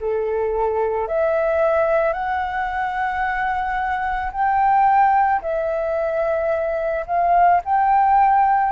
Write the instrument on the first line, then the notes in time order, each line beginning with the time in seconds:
flute
0.00 A4
1.08 E5
2.13 F#5
4.32 G5
5.41 E5
7.06 F5
7.64 G5